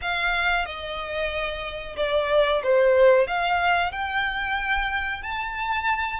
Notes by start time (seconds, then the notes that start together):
0.01 F5
0.65 D#5
1.96 D5
2.63 C5
3.27 F5
3.92 G5
5.22 A5